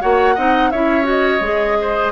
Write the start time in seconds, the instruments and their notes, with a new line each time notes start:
0.00 bassoon A#3, clarinet F#4, oboe C#5, flute F#5
0.35 bassoon C4, clarinet D#4, oboe D#5
0.71 bassoon C#4, clarinet E4, oboe C#5, flute E5
1.03 clarinet F#4, flute D#5
1.40 bassoon G#3, clarinet G#4
1.81 oboe C5